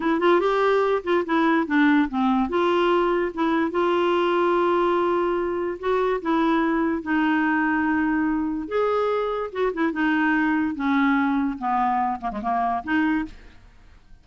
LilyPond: \new Staff \with { instrumentName = "clarinet" } { \time 4/4 \tempo 4 = 145 e'8 f'8 g'4. f'8 e'4 | d'4 c'4 f'2 | e'4 f'2.~ | f'2 fis'4 e'4~ |
e'4 dis'2.~ | dis'4 gis'2 fis'8 e'8 | dis'2 cis'2 | b4. ais16 gis16 ais4 dis'4 | }